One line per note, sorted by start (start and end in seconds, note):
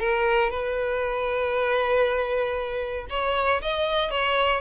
0.00 0.51 A#4
0.51 3.07 B4
3.10 3.62 C#5
3.62 4.11 D#5
4.11 4.62 C#5